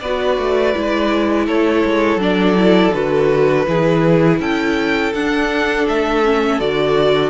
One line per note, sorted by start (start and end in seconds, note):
0.00 0.38 B3
0.00 0.75 F#4
0.00 1.46 B4
0.00 1.46 D5
0.38 0.74 A3
0.75 1.48 G#3
0.75 2.20 E4
1.46 1.84 A3
1.46 3.66 A4
1.46 2.21 C#5
1.85 2.16 G#3
2.16 2.89 F#3
2.16 2.55 D4
2.23 2.94 D5
2.55 2.92 E4
2.93 3.68 D3
2.93 3.66 F#4
2.93 4.40 B4
3.67 4.40 E3
3.67 5.13 E4
3.67 4.41 G#4
4.40 5.13 C#4
4.40 7.30 A4
4.40 5.14 G5
5.14 5.87 D4
5.14 6.24 D4
5.14 5.87 F#5
5.89 6.60 A3
5.89 6.60 E5
6.24 6.60 C#4
6.60 7.30 D3
6.60 7.30 F#4
6.60 7.30 D5